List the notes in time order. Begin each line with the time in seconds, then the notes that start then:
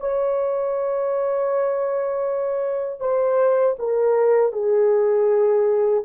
0.00 C#5
3.00 C5
3.79 A#4
4.53 G#4